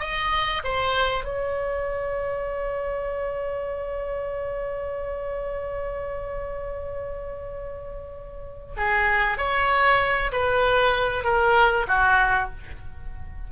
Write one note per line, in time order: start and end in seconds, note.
0.00 0.62 D#5
0.64 1.24 C5
1.24 8.74 C#5
8.77 9.38 G#4
9.38 10.32 C#5
10.32 11.24 B4
11.24 11.87 A#4
11.88 12.50 F#4